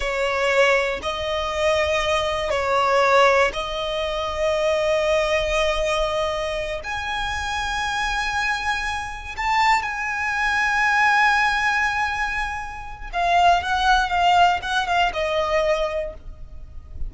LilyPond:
\new Staff \with { instrumentName = "violin" } { \time 4/4 \tempo 4 = 119 cis''2 dis''2~ | dis''4 cis''2 dis''4~ | dis''1~ | dis''4. gis''2~ gis''8~ |
gis''2~ gis''8 a''4 gis''8~ | gis''1~ | gis''2 f''4 fis''4 | f''4 fis''8 f''8 dis''2 | }